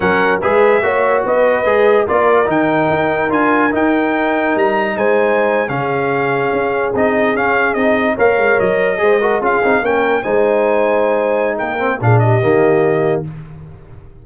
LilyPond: <<
  \new Staff \with { instrumentName = "trumpet" } { \time 4/4 \tempo 4 = 145 fis''4 e''2 dis''4~ | dis''4 d''4 g''2 | gis''4 g''2 ais''4 | gis''4.~ gis''16 f''2~ f''16~ |
f''8. dis''4 f''4 dis''4 f''16~ | f''8. dis''2 f''4 g''16~ | g''8. gis''2.~ gis''16 | g''4 f''8 dis''2~ dis''8 | }
  \new Staff \with { instrumentName = "horn" } { \time 4/4 ais'4 b'4 cis''4 b'4~ | b'4 ais'2.~ | ais'1 | c''4.~ c''16 gis'2~ gis'16~ |
gis'2.~ gis'8. cis''16~ | cis''4.~ cis''16 c''8 ais'8 gis'4 ais'16~ | ais'8. c''2.~ c''16 | ais'4 gis'8 g'2~ g'8 | }
  \new Staff \with { instrumentName = "trombone" } { \time 4/4 cis'4 gis'4 fis'2 | gis'4 f'4 dis'2 | f'4 dis'2.~ | dis'4.~ dis'16 cis'2~ cis'16~ |
cis'8. dis'4 cis'4 dis'4 ais'16~ | ais'4.~ ais'16 gis'8 fis'8 f'8 dis'8 cis'16~ | cis'8. dis'2.~ dis'16~ | dis'8 c'8 d'4 ais2 | }
  \new Staff \with { instrumentName = "tuba" } { \time 4/4 fis4 gis4 ais4 b4 | gis4 ais4 dis4 dis'4 | d'4 dis'2 g4 | gis4.~ gis16 cis2 cis'16~ |
cis'8. c'4 cis'4 c'4 ais16~ | ais16 gis8 fis4 gis4 cis'8 c'8 ais16~ | ais8. gis2.~ gis16 | ais4 ais,4 dis2 | }
>>